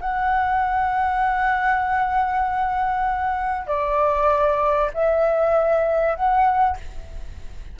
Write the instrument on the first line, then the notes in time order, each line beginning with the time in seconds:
flute
0.00 F#5
3.67 D5
4.94 E5
6.15 F#5